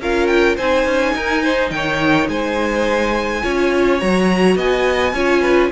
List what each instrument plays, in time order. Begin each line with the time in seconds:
0.00 cello C#4, viola F4, violin A#4 F5
0.27 violin G5
0.57 cello C4, viola D#4, violin C5 G#5
0.86 cello C#4
1.15 cello D#4, violin A#4
1.43 violin C5
1.70 cello D#3, violin C#5 G5
2.28 cello G#3, violin C5 G#5
3.42 cello C#4, viola F4, violin C#5
3.99 cello F#3, viola F#4, violin A#5
4.56 cello B3, violin D#5 G#5
5.13 cello C#4, viola F4, violin C#5
5.41 violin B4